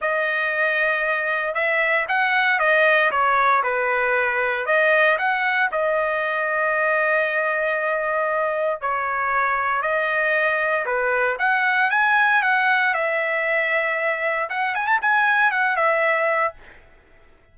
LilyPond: \new Staff \with { instrumentName = "trumpet" } { \time 4/4 \tempo 4 = 116 dis''2. e''4 | fis''4 dis''4 cis''4 b'4~ | b'4 dis''4 fis''4 dis''4~ | dis''1~ |
dis''4 cis''2 dis''4~ | dis''4 b'4 fis''4 gis''4 | fis''4 e''2. | fis''8 gis''16 a''16 gis''4 fis''8 e''4. | }